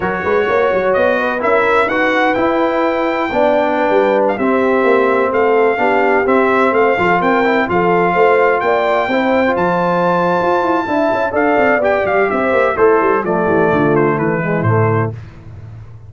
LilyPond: <<
  \new Staff \with { instrumentName = "trumpet" } { \time 4/4 \tempo 4 = 127 cis''2 dis''4 e''4 | fis''4 g''2.~ | g''4 f''16 e''2 f''8.~ | f''4~ f''16 e''4 f''4 g''8.~ |
g''16 f''2 g''4.~ g''16~ | g''16 a''2.~ a''8. | f''4 g''8 f''8 e''4 c''4 | d''4. c''8 b'4 c''4 | }
  \new Staff \with { instrumentName = "horn" } { \time 4/4 ais'8 b'8 cis''4. b'8 ais'4 | b'2. d''4 | b'4~ b'16 g'2 a'8.~ | a'16 g'2 c''8 a'8 ais'8.~ |
ais'16 a'4 c''4 d''4 c''8.~ | c''2. e''4 | d''2 c''4 e'4 | a'8 g'8 f'4 e'2 | }
  \new Staff \with { instrumentName = "trombone" } { \time 4/4 fis'2. e'4 | fis'4 e'2 d'4~ | d'4~ d'16 c'2~ c'8.~ | c'16 d'4 c'4. f'4 e'16~ |
e'16 f'2. e'8. | f'2. e'4 | a'4 g'2 a'4 | a2~ a8 gis8 a4 | }
  \new Staff \with { instrumentName = "tuba" } { \time 4/4 fis8 gis8 ais8 fis8 b4 cis'4 | dis'4 e'2 b4~ | b16 g4 c'4 ais4 a8.~ | a16 b4 c'4 a8 f8 c'8.~ |
c'16 f4 a4 ais4 c'8.~ | c'16 f4.~ f16 f'8 e'8 d'8 cis'8 | d'8 c'8 b8 g8 c'8 ais8 a8 g8 | f8 e8 d4 e4 a,4 | }
>>